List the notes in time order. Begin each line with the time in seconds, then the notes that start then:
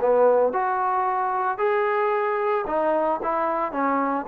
0.00 B3
0.52 F#4
1.58 G#4
2.67 D#4
3.23 E4
3.72 C#4